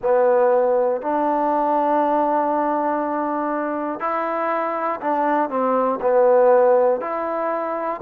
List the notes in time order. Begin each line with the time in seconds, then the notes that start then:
0.02 B3
1.01 D4
4.00 E4
5.00 D4
5.50 C4
6.00 B3
7.00 E4